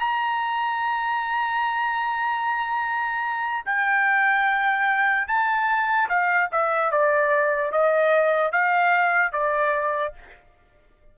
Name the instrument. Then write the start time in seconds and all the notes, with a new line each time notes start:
trumpet
0.00 A#5
3.66 G5
5.28 A5
6.09 F5
6.52 E5
6.92 D5
7.72 D#5
8.52 F5
9.32 D5